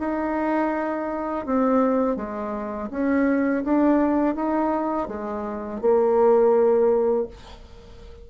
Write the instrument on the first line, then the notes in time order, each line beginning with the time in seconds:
bassoon
0.00 D#4
1.46 C4
2.17 G#3
2.91 C#4
3.65 D4
4.35 D#4
5.08 G#3
5.81 A#3